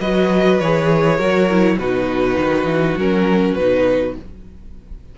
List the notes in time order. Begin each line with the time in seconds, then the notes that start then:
0.00 F#3 F#4 B4 D#5
0.59 E3 G#4 C#5
1.16 F#3 F#4 A#4
1.50 E4
1.77 B2 D#4 F#4 B4
2.37 D#3
2.65 E3
2.96 F#3 C#4 A#4
3.54 B2 D#4 B4